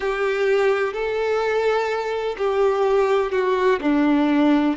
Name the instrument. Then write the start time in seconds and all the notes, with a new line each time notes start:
violin
0.00 G4
0.93 A4
2.37 G4
3.31 F#4
3.81 D4